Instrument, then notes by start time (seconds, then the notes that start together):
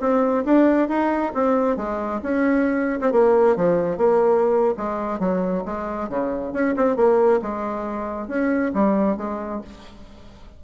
bassoon
0.00 C4
0.45 D4
0.89 D#4
1.34 C4
1.77 G#3
2.23 C#4
3.01 C4
3.12 A#3
3.56 F3
3.97 A#3
4.77 G#3
5.19 F#3
5.65 G#3
6.09 C#3
6.53 C#4
6.76 C4
6.96 A#3
7.42 G#3
8.28 C#4
8.74 G3
9.17 G#3